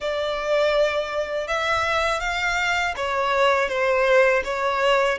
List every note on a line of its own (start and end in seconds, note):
0.00 1.47 D5
1.47 2.20 E5
2.20 2.94 F5
2.96 3.68 C#5
3.68 4.42 C5
4.44 5.18 C#5